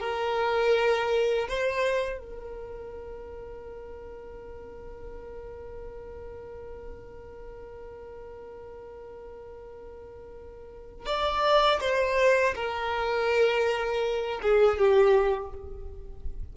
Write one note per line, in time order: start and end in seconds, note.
0.00 1.48 A#4
1.48 2.19 C5
2.19 11.06 A#4
11.06 11.80 D5
11.80 12.55 C5
12.55 14.40 A#4
14.42 14.79 G#4
14.79 15.53 G4